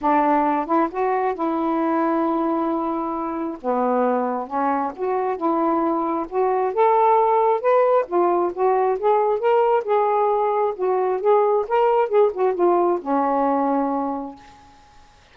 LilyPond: \new Staff \with { instrumentName = "saxophone" } { \time 4/4 \tempo 4 = 134 d'4. e'8 fis'4 e'4~ | e'1 | b2 cis'4 fis'4 | e'2 fis'4 a'4~ |
a'4 b'4 f'4 fis'4 | gis'4 ais'4 gis'2 | fis'4 gis'4 ais'4 gis'8 fis'8 | f'4 cis'2. | }